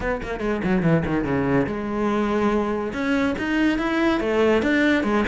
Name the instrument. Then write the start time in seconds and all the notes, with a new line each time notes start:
cello
0.00 B3
0.22 A#3
0.40 G#3
0.64 F#3
0.82 E3
1.06 D#3
1.24 C#3
1.66 G#3
2.93 C#4
3.38 D#4
3.78 E4
4.20 A3
4.62 D4
5.03 G#3